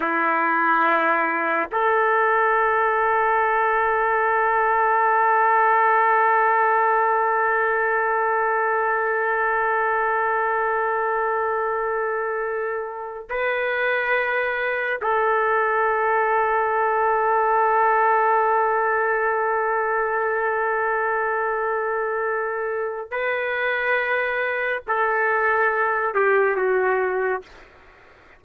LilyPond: \new Staff \with { instrumentName = "trumpet" } { \time 4/4 \tempo 4 = 70 e'2 a'2~ | a'1~ | a'1~ | a'2.~ a'8 b'8~ |
b'4. a'2~ a'8~ | a'1~ | a'2. b'4~ | b'4 a'4. g'8 fis'4 | }